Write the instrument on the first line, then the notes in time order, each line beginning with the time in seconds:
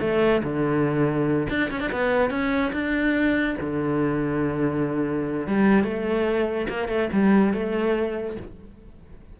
cello
0.00 A3
0.43 D3
1.49 D4
1.70 C#4
1.80 D4
1.91 B3
2.30 C#4
2.72 D4
3.60 D3
5.47 G3
5.84 A3
6.69 A#3
6.88 A3
7.12 G3
7.53 A3